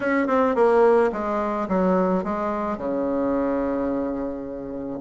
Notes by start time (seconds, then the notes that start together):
0.00 C#4
0.27 C4
0.55 A#3
1.12 G#3
1.68 F#3
2.24 G#3
2.77 C#3